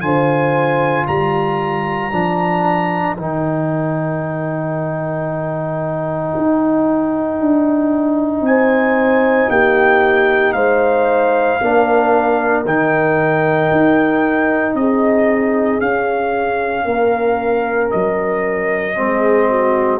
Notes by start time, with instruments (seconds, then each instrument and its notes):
0.00 tuba D3, trombone F4, horn C5, trumpet G#5
1.05 tuba G3, horn A#4, trumpet A#5
2.11 tuba F3, trombone D4
3.16 tuba D#3, trombone D#4, trumpet G5
6.36 tuba D#4
7.39 tuba D4
8.40 tuba C4, trumpet G#5
8.47 horn C5
9.49 tuba A#3, horn G4, trumpet G5
10.53 tuba G#3, horn C5, trumpet F5
11.60 tuba A#3, trombone D4, horn A#4
12.65 tuba D#3, trombone D#4, trumpet G5
13.71 tuba D#4
14.74 tuba C4, horn G#4, trumpet D#5
15.80 trombone C#4, tuba C#4, trumpet F5
16.84 tuba A#3, horn A#4
17.90 tuba F#3, trumpet D#5
18.95 tuba G#3, trombone C4, horn G#4
19.49 horn F#4